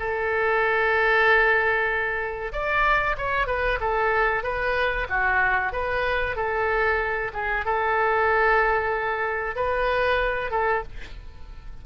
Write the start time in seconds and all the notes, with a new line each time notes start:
0.00 A4
2.53 D5
3.18 C#5
3.47 B4
3.81 A4
4.44 B4
5.10 F#4
5.73 B4
6.37 A4
7.34 G#4
7.66 A4
9.56 B4
10.51 A4